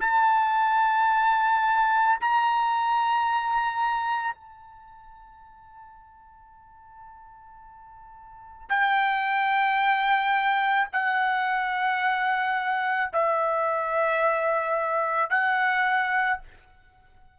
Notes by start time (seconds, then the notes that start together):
0.00 A5
2.20 A#5
4.34 A5
8.69 G5
10.92 F#5
13.13 E5
15.30 F#5